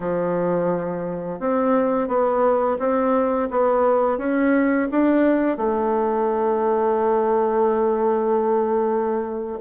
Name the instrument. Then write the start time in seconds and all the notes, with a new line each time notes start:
bassoon
0.00 F3
1.39 C4
2.07 B3
2.79 C4
3.50 B3
4.18 C#4
4.91 D4
5.57 A3